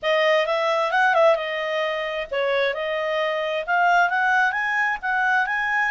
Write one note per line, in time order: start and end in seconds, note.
0.02 0.46 D#5
0.46 0.91 E5
0.91 1.14 F#5
1.14 1.35 E5
1.35 2.26 D#5
2.31 2.74 C#5
2.74 3.64 D#5
3.66 4.09 F5
4.09 4.52 F#5
4.52 4.97 G#5
5.02 5.46 F#5
5.46 5.91 G#5